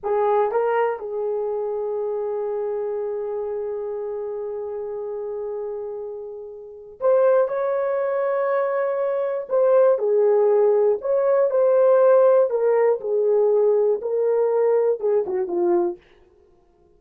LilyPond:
\new Staff \with { instrumentName = "horn" } { \time 4/4 \tempo 4 = 120 gis'4 ais'4 gis'2~ | gis'1~ | gis'1~ | gis'2 c''4 cis''4~ |
cis''2. c''4 | gis'2 cis''4 c''4~ | c''4 ais'4 gis'2 | ais'2 gis'8 fis'8 f'4 | }